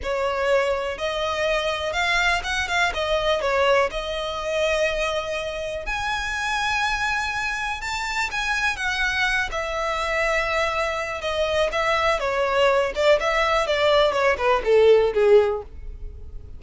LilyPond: \new Staff \with { instrumentName = "violin" } { \time 4/4 \tempo 4 = 123 cis''2 dis''2 | f''4 fis''8 f''8 dis''4 cis''4 | dis''1 | gis''1 |
a''4 gis''4 fis''4. e''8~ | e''2. dis''4 | e''4 cis''4. d''8 e''4 | d''4 cis''8 b'8 a'4 gis'4 | }